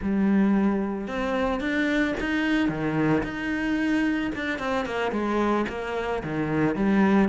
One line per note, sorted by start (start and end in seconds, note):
0.01 1.07 G3
1.07 1.60 C4
1.60 2.14 D4
2.20 2.68 D#4
2.68 3.22 D#3
3.23 4.31 D#4
4.35 4.58 D4
4.58 4.85 C4
4.85 5.11 A#3
5.11 5.65 G#3
5.68 6.22 A#3
6.23 6.75 D#3
6.75 7.29 G3